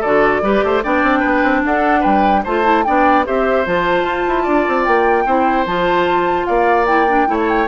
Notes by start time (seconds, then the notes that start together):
0.00 D3 F#4 A4 D5
0.41 G3 G4 B4
0.63 A3 C5
0.83 B3 D4 D5 G5
1.03 C4
1.19 B3 B4
1.43 C4
1.65 D4 A4 F#5
2.00 G3 B4 G5
2.44 A3 F4 C5 A5
2.63 E4
2.84 B3 D4 D5 G5
3.25 C4 G4 C5 E5
3.65 F3 F4 A5
4.02 F4
4.27 E4
4.43 D4 D5
4.67 C4
4.84 A#3 G5
5.25 C4 E4 C5
5.65 F3 F4 A5
6.45 A#3 D5 F5
6.86 E4 G5
7.08 D4
7.26 A3 E4 C#5
7.39 A5
7.49 G5